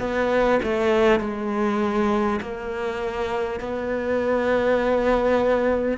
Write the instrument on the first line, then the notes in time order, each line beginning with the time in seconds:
cello
0.00 B3
0.63 A3
1.20 G#3
2.41 A#3
3.60 B3